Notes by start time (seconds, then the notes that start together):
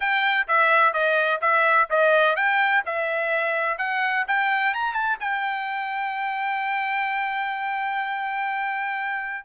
0.00 G5
0.47 E5
0.93 D#5
1.41 E5
1.90 D#5
2.36 G5
2.85 E5
3.78 F#5
4.27 G5
4.74 A#5
4.93 A5
5.20 G5